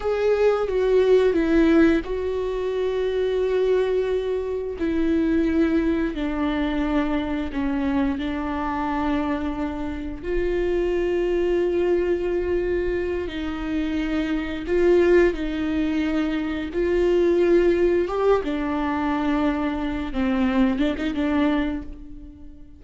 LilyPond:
\new Staff \with { instrumentName = "viola" } { \time 4/4 \tempo 4 = 88 gis'4 fis'4 e'4 fis'4~ | fis'2. e'4~ | e'4 d'2 cis'4 | d'2. f'4~ |
f'2.~ f'8 dis'8~ | dis'4. f'4 dis'4.~ | dis'8 f'2 g'8 d'4~ | d'4. c'4 d'16 dis'16 d'4 | }